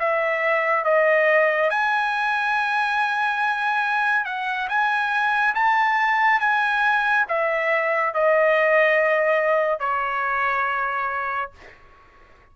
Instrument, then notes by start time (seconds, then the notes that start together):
trumpet
0.00 E5
0.85 D#5
1.70 G#5
4.25 F#5
4.69 G#5
5.55 A5
6.40 G#5
7.29 E5
8.14 D#5
9.80 C#5